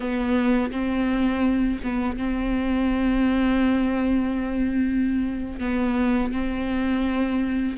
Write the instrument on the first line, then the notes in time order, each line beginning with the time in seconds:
viola
0.00 B3
0.71 C4
1.83 B3
2.17 C4
5.59 B3
6.32 C4